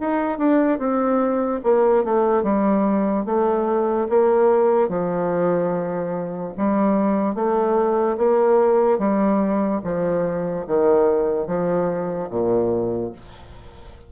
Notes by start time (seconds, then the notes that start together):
0.00 D#4
0.38 D4
0.78 C4
1.63 A#3
2.04 A3
2.43 G3
3.25 A3
4.09 A#3
4.88 F3
6.57 G3
7.35 A3
8.17 A#3
8.99 G3
9.84 F3
10.67 D#3
11.47 F3
12.30 A#2